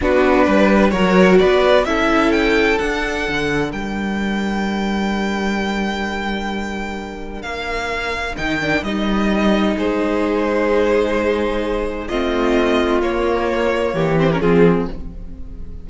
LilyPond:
<<
  \new Staff \with { instrumentName = "violin" } { \time 4/4 \tempo 4 = 129 b'2 cis''4 d''4 | e''4 g''4 fis''2 | g''1~ | g''1 |
f''2 g''4 dis''4~ | dis''4 c''2.~ | c''2 dis''2 | cis''2~ cis''8 c''16 ais'16 gis'4 | }
  \new Staff \with { instrumentName = "violin" } { \time 4/4 fis'4 b'4 ais'4 b'4 | a'1 | ais'1~ | ais'1~ |
ais'1~ | ais'4 gis'2.~ | gis'2 f'2~ | f'2 g'4 f'4 | }
  \new Staff \with { instrumentName = "viola" } { \time 4/4 d'2 fis'2 | e'2 d'2~ | d'1~ | d'1~ |
d'2 dis'8 d'8 dis'4~ | dis'1~ | dis'2 c'2 | ais2~ ais8 c'16 cis'16 c'4 | }
  \new Staff \with { instrumentName = "cello" } { \time 4/4 b4 g4 fis4 b4 | cis'2 d'4 d4 | g1~ | g1 |
ais2 dis4 g4~ | g4 gis2.~ | gis2 a2 | ais2 e4 f4 | }
>>